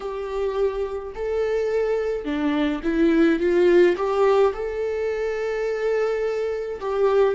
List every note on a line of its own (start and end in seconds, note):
0.00 1.13 G4
1.14 2.24 A4
2.24 2.81 D4
2.83 3.39 E4
3.39 3.96 F4
3.96 4.53 G4
4.53 6.79 A4
6.80 7.34 G4